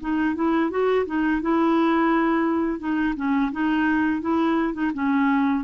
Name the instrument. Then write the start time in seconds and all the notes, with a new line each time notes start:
clarinet
0.00 D#4
0.35 E4
0.70 F#4
1.06 D#4
1.41 E4
2.79 D#4
3.16 C#4
3.51 D#4
4.21 E4
4.73 D#4
4.94 C#4